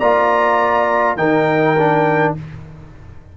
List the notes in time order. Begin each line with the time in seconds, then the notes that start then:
0.00 A#3 F4 D5 A#5
1.17 D#3 D#4 A#4 G5
1.79 D4